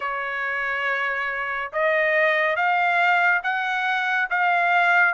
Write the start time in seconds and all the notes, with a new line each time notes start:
0.00 C#5
1.72 D#5
2.56 F5
3.43 F#5
4.30 F5